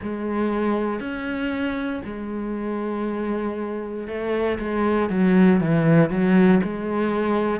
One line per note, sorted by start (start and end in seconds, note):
0.02 1.00 G#3
1.00 2.02 C#4
2.04 4.07 G#3
4.07 4.58 A3
4.58 5.09 G#3
5.09 5.60 F#3
5.60 6.10 E3
6.10 6.61 F#3
6.63 7.60 G#3